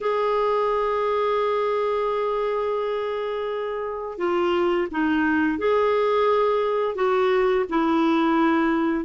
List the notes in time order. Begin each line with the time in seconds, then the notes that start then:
0.00 G#4
4.18 F4
4.91 D#4
5.58 G#4
6.95 F#4
7.69 E4